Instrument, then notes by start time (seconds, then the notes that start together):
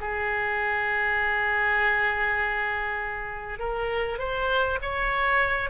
oboe
0.00 G#4
3.59 A#4
4.18 C5
4.81 C#5